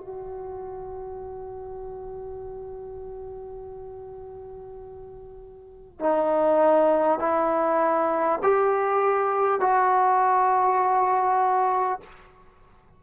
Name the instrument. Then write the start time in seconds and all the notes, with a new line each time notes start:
trombone
0.00 F#4
5.99 D#4
7.19 E4
8.43 G4
9.60 F#4